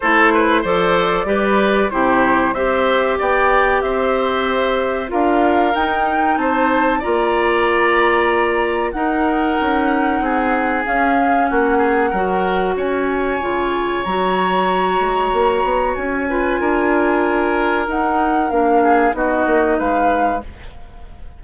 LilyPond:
<<
  \new Staff \with { instrumentName = "flute" } { \time 4/4 \tempo 4 = 94 c''4 d''2 c''4 | e''4 g''4 e''2 | f''4 g''4 a''4 ais''4~ | ais''2 fis''2~ |
fis''4 f''4 fis''2 | gis''2 ais''2~ | ais''4 gis''2. | fis''4 f''4 dis''4 f''4 | }
  \new Staff \with { instrumentName = "oboe" } { \time 4/4 a'8 b'8 c''4 b'4 g'4 | c''4 d''4 c''2 | ais'2 c''4 d''4~ | d''2 ais'2 |
gis'2 fis'8 gis'8 ais'4 | cis''1~ | cis''4. b'8 ais'2~ | ais'4. gis'8 fis'4 b'4 | }
  \new Staff \with { instrumentName = "clarinet" } { \time 4/4 e'4 a'4 g'4 e'4 | g'1 | f'4 dis'2 f'4~ | f'2 dis'2~ |
dis'4 cis'2 fis'4~ | fis'4 f'4 fis'2~ | fis'4. f'2~ f'8 | dis'4 d'4 dis'2 | }
  \new Staff \with { instrumentName = "bassoon" } { \time 4/4 a4 f4 g4 c4 | c'4 b4 c'2 | d'4 dis'4 c'4 ais4~ | ais2 dis'4 cis'4 |
c'4 cis'4 ais4 fis4 | cis'4 cis4 fis4. gis8 | ais8 b8 cis'4 d'2 | dis'4 ais4 b8 ais8 gis4 | }
>>